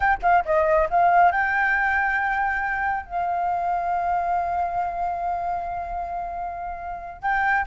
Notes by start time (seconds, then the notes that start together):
0.00 G5
0.22 F5
0.45 D#5
0.89 F5
1.31 G5
3.06 F5
7.21 G5